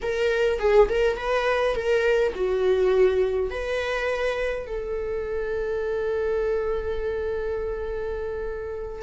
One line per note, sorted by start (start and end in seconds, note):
0.02 0.59 A#4
0.59 0.88 G#4
0.88 1.17 A#4
1.17 1.75 B4
1.75 2.33 A#4
2.35 3.50 F#4
3.50 4.66 B4
4.66 9.02 A4